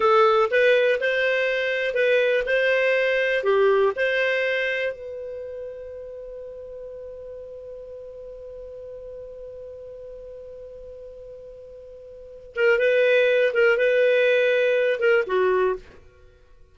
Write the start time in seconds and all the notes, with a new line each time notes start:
0.00 A4
0.50 B4
1.00 C5
1.94 B4
2.45 C5
3.43 G4
3.96 C5
4.92 B4
12.55 A#4
12.78 B4
13.53 A#4
13.77 B4
14.99 A#4
15.26 F#4